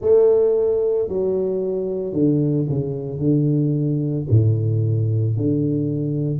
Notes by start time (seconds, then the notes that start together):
0.00 A3
1.08 F#3
2.12 D3
2.68 C#3
3.19 D3
4.30 A2
5.36 D3